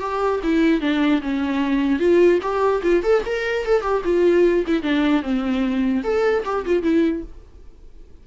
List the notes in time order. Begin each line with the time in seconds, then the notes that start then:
0.00 G4
0.43 E4
0.81 D4
1.21 C#4
1.99 F4
2.42 G4
2.83 F4
3.03 A4
3.25 A#4
3.65 A4
3.82 G4
4.04 F4
4.67 E4
4.82 D4
5.22 C4
6.03 A4
6.45 G4
6.66 F4
6.83 E4